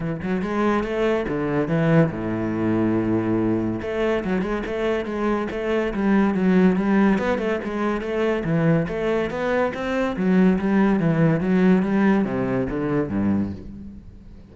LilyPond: \new Staff \with { instrumentName = "cello" } { \time 4/4 \tempo 4 = 142 e8 fis8 gis4 a4 d4 | e4 a,2.~ | a,4 a4 fis8 gis8 a4 | gis4 a4 g4 fis4 |
g4 b8 a8 gis4 a4 | e4 a4 b4 c'4 | fis4 g4 e4 fis4 | g4 c4 d4 g,4 | }